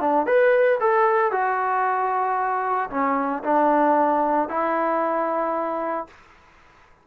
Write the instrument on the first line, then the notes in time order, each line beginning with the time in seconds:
trombone
0.00 D4
0.26 B4
0.80 A4
1.32 F#4
2.90 C#4
3.44 D4
4.49 E4